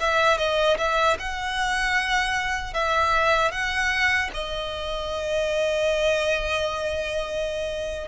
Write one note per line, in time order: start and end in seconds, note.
0.00 0.38 E5
0.38 0.77 D#5
0.78 1.17 E5
1.19 2.74 F#5
2.74 3.52 E5
3.52 4.31 F#5
4.34 8.08 D#5